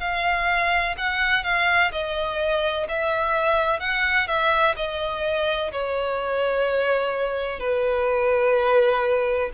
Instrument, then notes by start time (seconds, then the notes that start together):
violin
0.00 F5
0.97 F#5
1.44 F5
1.92 D#5
2.89 E5
3.80 F#5
4.27 E5
4.76 D#5
5.72 C#5
7.60 B4